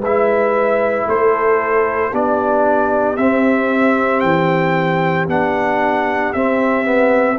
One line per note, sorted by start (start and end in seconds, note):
0.00 1.05 G#3
0.00 2.12 E4
0.00 1.05 B4
0.00 1.09 E5
1.07 2.12 A3
1.07 2.10 A4
1.07 2.14 C5
2.10 3.17 B3
2.10 3.17 D4
2.10 7.36 G4
2.10 3.16 D5
3.16 4.23 C4
3.16 5.29 C4
3.16 4.20 E5
4.20 5.27 E3
4.20 5.25 G5
5.27 6.33 B3
5.27 6.34 D4
5.27 6.33 F#5
6.33 6.84 C4
6.33 7.39 C4
6.33 7.38 E5
6.84 7.37 B3